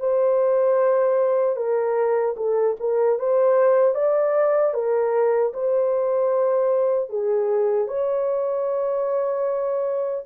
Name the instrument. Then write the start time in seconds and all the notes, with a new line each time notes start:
horn
0.00 C5
1.56 A#4
2.37 A4
2.80 A#4
3.19 C5
3.95 D5
4.74 A#4
5.53 C5
7.09 G#4
7.88 C#5